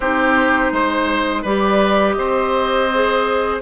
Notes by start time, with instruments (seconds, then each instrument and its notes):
0.00 bassoon C4, clarinet D#4, oboe G4, flute C5
0.72 bassoon G#3, oboe C5
1.42 bassoon G3, clarinet G4, oboe B4, flute D5
2.12 bassoon C4, oboe C5, flute D#5
2.93 clarinet G#4